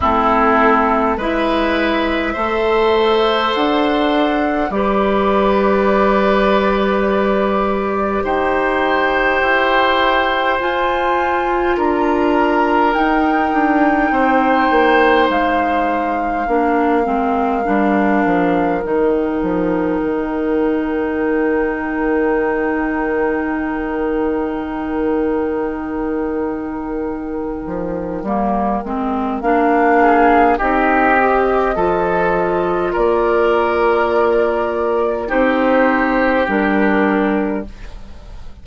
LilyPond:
<<
  \new Staff \with { instrumentName = "flute" } { \time 4/4 \tempo 4 = 51 a'4 e''2 fis''4 | d''2. g''4~ | g''4 gis''4 ais''4 g''4~ | g''4 f''2. |
g''1~ | g''1~ | g''4 f''4 dis''2 | d''2 c''4 ais'4 | }
  \new Staff \with { instrumentName = "oboe" } { \time 4/4 e'4 b'4 c''2 | b'2. c''4~ | c''2 ais'2 | c''2 ais'2~ |
ais'1~ | ais'1~ | ais'4. gis'8 g'4 a'4 | ais'2 g'2 | }
  \new Staff \with { instrumentName = "clarinet" } { \time 4/4 c'4 e'4 a'2 | g'1~ | g'4 f'2 dis'4~ | dis'2 d'8 c'8 d'4 |
dis'1~ | dis'1 | ais8 c'8 d'4 dis'8 g'8 f'4~ | f'2 dis'4 d'4 | }
  \new Staff \with { instrumentName = "bassoon" } { \time 4/4 a4 gis4 a4 d'4 | g2. dis'4 | e'4 f'4 d'4 dis'8 d'8 | c'8 ais8 gis4 ais8 gis8 g8 f8 |
dis8 f8 dis2.~ | dis2.~ dis8 f8 | g8 gis8 ais4 c'4 f4 | ais2 c'4 g4 | }
>>